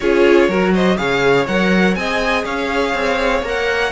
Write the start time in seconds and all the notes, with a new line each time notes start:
0.00 C#4 F4 G#4 C#5
0.48 F#3 F#4 A#4
0.73 C5 D#5
0.97 C#3 G#4 C#5 F5
1.47 F#3 A#4 F#5
1.95 C4 G#4 D#5 G#5
2.44 C#4 C#5 F5
2.94 C4
3.42 A#3 A#4 F#5